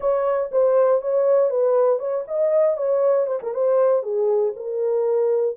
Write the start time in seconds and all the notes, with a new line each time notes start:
0.00 C#5
0.51 C5
1.01 C#5
1.49 B4
1.99 C#5
2.27 D#5
2.77 C#5
3.26 C5
3.42 A#4
3.54 C5
4.02 G#4
4.55 A#4